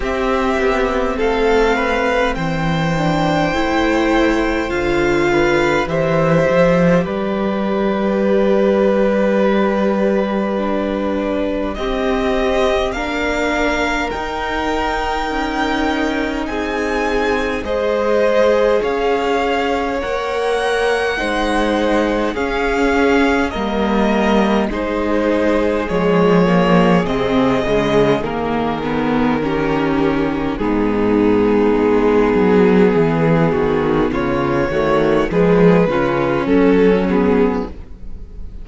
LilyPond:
<<
  \new Staff \with { instrumentName = "violin" } { \time 4/4 \tempo 4 = 51 e''4 f''4 g''2 | f''4 e''4 d''2~ | d''2 dis''4 f''4 | g''2 gis''4 dis''4 |
f''4 fis''2 f''4 | dis''4 c''4 cis''4 dis''4 | ais'2 gis'2~ | gis'4 cis''4 b'4 a'8 gis'8 | }
  \new Staff \with { instrumentName = "violin" } { \time 4/4 g'4 a'8 b'8 c''2~ | c''8 b'8 c''4 b'2~ | b'2 g'4 ais'4~ | ais'2 gis'4 c''4 |
cis''2 c''4 gis'4 | ais'4 gis'2.~ | gis'4 g'4 dis'2 | gis'8 fis'8 f'8 fis'8 gis'8 f'8 cis'4 | }
  \new Staff \with { instrumentName = "viola" } { \time 4/4 c'2~ c'8 d'8 e'4 | f'4 g'2.~ | g'4 d'4 c'4 d'4 | dis'2. gis'4~ |
gis'4 ais'4 dis'4 cis'4 | ais4 dis'4 gis8 ais8 c'8 gis8 | ais8 b8 cis'4 b2~ | b4. a8 gis8 cis'4 b8 | }
  \new Staff \with { instrumentName = "cello" } { \time 4/4 c'8 b8 a4 e4 a4 | d4 e8 f8 g2~ | g2 c'4 ais4 | dis'4 cis'4 c'4 gis4 |
cis'4 ais4 gis4 cis'4 | g4 gis4 f4 c8 cis8 | dis2 gis,4 gis8 fis8 | e8 dis8 cis8 dis8 f8 cis8 fis4 | }
>>